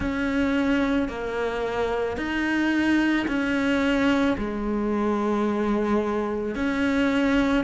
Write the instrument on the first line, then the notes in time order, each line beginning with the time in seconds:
cello
0.00 C#4
1.08 A#3
2.17 D#4
3.27 C#4
4.37 G#3
6.55 C#4